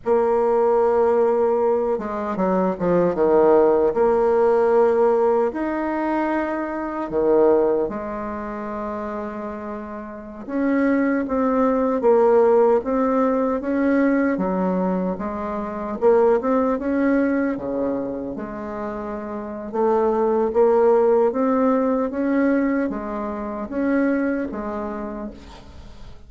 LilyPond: \new Staff \with { instrumentName = "bassoon" } { \time 4/4 \tempo 4 = 76 ais2~ ais8 gis8 fis8 f8 | dis4 ais2 dis'4~ | dis'4 dis4 gis2~ | gis4~ gis16 cis'4 c'4 ais8.~ |
ais16 c'4 cis'4 fis4 gis8.~ | gis16 ais8 c'8 cis'4 cis4 gis8.~ | gis4 a4 ais4 c'4 | cis'4 gis4 cis'4 gis4 | }